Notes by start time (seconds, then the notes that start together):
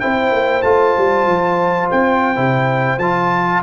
0.00 C4 E4 C5 G5
0.31 A#3
0.62 A3 F4 A5
0.98 G3
1.27 F3
1.91 C4 G5
2.36 C3 E4
2.98 F3 F4 A5